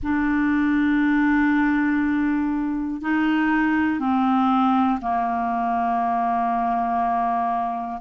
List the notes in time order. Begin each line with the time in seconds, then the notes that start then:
0.03 D4
3.01 D#4
4.00 C4
5.01 A#3